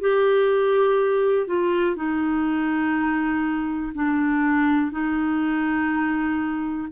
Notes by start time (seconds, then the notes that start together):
0.00 G4
1.47 F4
1.96 D#4
3.94 D4
4.91 D#4